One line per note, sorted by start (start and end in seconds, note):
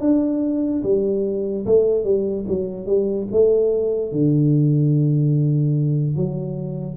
0.00 0.82 D4
0.83 1.65 G3
1.66 2.04 A3
2.04 2.45 G3
2.47 2.86 F#3
2.86 3.27 G3
3.31 4.11 A3
4.11 6.16 D3
6.16 6.96 F#3